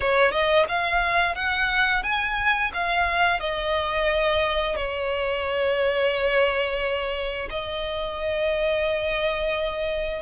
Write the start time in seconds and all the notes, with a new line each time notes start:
0.00 C#5
0.31 D#5
0.68 F5
1.35 F#5
2.03 G#5
2.73 F5
3.40 D#5
4.75 C#5
7.50 D#5